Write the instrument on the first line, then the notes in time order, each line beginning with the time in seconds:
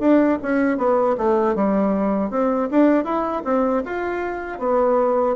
bassoon
0.00 D4
0.43 C#4
0.78 B3
1.17 A3
1.56 G3
2.30 C4
2.71 D4
3.05 E4
3.44 C4
3.85 F4
4.59 B3